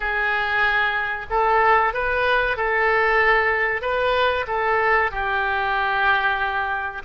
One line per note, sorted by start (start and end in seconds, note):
0.00 1.26 G#4
1.29 1.93 A4
1.93 2.56 B4
2.56 3.82 A4
3.82 4.45 B4
4.47 5.11 A4
5.11 7.02 G4